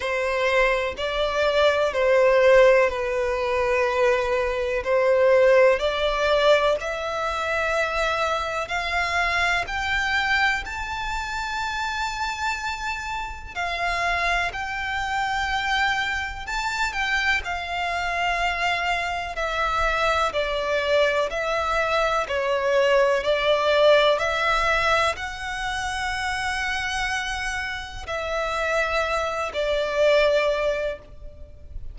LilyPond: \new Staff \with { instrumentName = "violin" } { \time 4/4 \tempo 4 = 62 c''4 d''4 c''4 b'4~ | b'4 c''4 d''4 e''4~ | e''4 f''4 g''4 a''4~ | a''2 f''4 g''4~ |
g''4 a''8 g''8 f''2 | e''4 d''4 e''4 cis''4 | d''4 e''4 fis''2~ | fis''4 e''4. d''4. | }